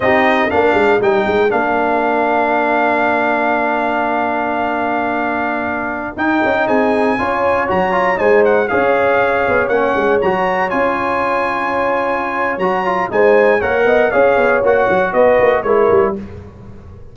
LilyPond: <<
  \new Staff \with { instrumentName = "trumpet" } { \time 4/4 \tempo 4 = 119 dis''4 f''4 g''4 f''4~ | f''1~ | f''1~ | f''16 g''4 gis''2 ais''8.~ |
ais''16 gis''8 fis''8 f''2 fis''8.~ | fis''16 ais''4 gis''2~ gis''8.~ | gis''4 ais''4 gis''4 fis''4 | f''4 fis''4 dis''4 cis''4 | }
  \new Staff \with { instrumentName = "horn" } { \time 4/4 g'4 ais'2.~ | ais'1~ | ais'1~ | ais'4~ ais'16 gis'4 cis''4.~ cis''16~ |
cis''16 c''4 cis''2~ cis''8.~ | cis''1~ | cis''2 c''4 cis''8 dis''8 | cis''2 b'4 ais'4 | }
  \new Staff \with { instrumentName = "trombone" } { \time 4/4 dis'4 d'4 dis'4 d'4~ | d'1~ | d'1~ | d'16 dis'2 f'4 fis'8 f'16~ |
f'16 dis'4 gis'2 cis'8.~ | cis'16 fis'4 f'2~ f'8.~ | f'4 fis'8 f'8 dis'4 ais'4 | gis'4 fis'2 e'4 | }
  \new Staff \with { instrumentName = "tuba" } { \time 4/4 c'4 ais8 gis8 g8 gis8 ais4~ | ais1~ | ais1~ | ais16 dis'8 cis'8 c'4 cis'4 fis8.~ |
fis16 gis4 cis'4. b8 ais8 gis16~ | gis16 fis4 cis'2~ cis'8.~ | cis'4 fis4 gis4 ais8 b8 | cis'8 b8 ais8 fis8 b8 ais8 gis8 g8 | }
>>